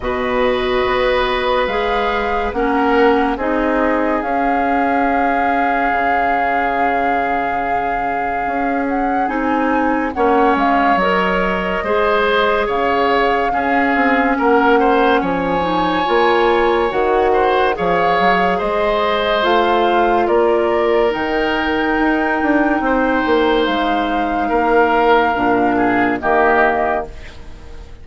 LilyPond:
<<
  \new Staff \with { instrumentName = "flute" } { \time 4/4 \tempo 4 = 71 dis''2 f''4 fis''4 | dis''4 f''2.~ | f''2~ f''8 fis''8 gis''4 | fis''8 f''8 dis''2 f''4~ |
f''4 fis''4 gis''2 | fis''4 f''4 dis''4 f''4 | d''4 g''2. | f''2. dis''4 | }
  \new Staff \with { instrumentName = "oboe" } { \time 4/4 b'2. ais'4 | gis'1~ | gis'1 | cis''2 c''4 cis''4 |
gis'4 ais'8 c''8 cis''2~ | cis''8 c''8 cis''4 c''2 | ais'2. c''4~ | c''4 ais'4. gis'8 g'4 | }
  \new Staff \with { instrumentName = "clarinet" } { \time 4/4 fis'2 gis'4 cis'4 | dis'4 cis'2.~ | cis'2. dis'4 | cis'4 ais'4 gis'2 |
cis'2~ cis'8 dis'8 f'4 | fis'4 gis'2 f'4~ | f'4 dis'2.~ | dis'2 d'4 ais4 | }
  \new Staff \with { instrumentName = "bassoon" } { \time 4/4 b,4 b4 gis4 ais4 | c'4 cis'2 cis4~ | cis2 cis'4 c'4 | ais8 gis8 fis4 gis4 cis4 |
cis'8 c'8 ais4 f4 ais4 | dis4 f8 fis8 gis4 a4 | ais4 dis4 dis'8 d'8 c'8 ais8 | gis4 ais4 ais,4 dis4 | }
>>